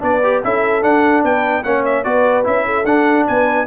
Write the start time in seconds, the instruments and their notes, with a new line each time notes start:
0.00 tuba B3, trombone D4, horn B4, trumpet D5
0.23 trombone G4
0.44 tuba C#4, trombone E4, horn A4, trumpet E5
0.82 trombone D4, tuba D4, trumpet F#5
1.23 tuba B3, horn B4, trumpet G5
1.64 tuba A#3, trombone C#4, horn C#5, trumpet F#5
1.85 trumpet E5
2.04 tuba B3, trombone F#4, horn B4, trumpet D5
2.44 tuba C#4, trombone E4, trumpet E5
2.65 horn A4
2.84 tuba D4, trombone D4, trumpet F#5
3.27 tuba B3, horn B4, trumpet G#5